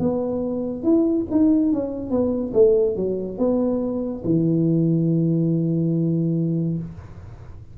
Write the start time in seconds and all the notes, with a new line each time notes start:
0.00 B3
0.83 E4
1.31 D#4
1.72 C#4
2.10 B3
2.54 A3
2.97 F#3
3.38 B3
4.24 E3